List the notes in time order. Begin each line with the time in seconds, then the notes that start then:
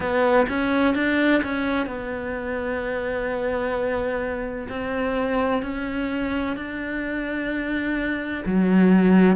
0.00 B3
0.48 C#4
0.95 D4
1.43 C#4
1.86 B3
4.69 C4
5.62 C#4
6.56 D4
8.45 F#3